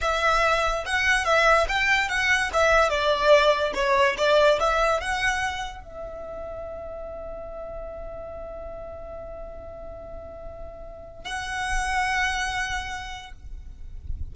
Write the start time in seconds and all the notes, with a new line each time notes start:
0.01 E5
0.85 F#5
1.25 E5
1.68 G5
2.08 F#5
2.53 E5
2.89 D5
3.74 C#5
4.17 D5
4.59 E5
5.00 F#5
5.83 E5
11.24 F#5